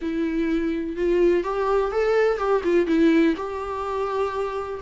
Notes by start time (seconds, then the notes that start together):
0.01 E4
0.96 F4
1.43 G4
1.91 A4
2.37 G4
2.63 F4
2.86 E4
3.36 G4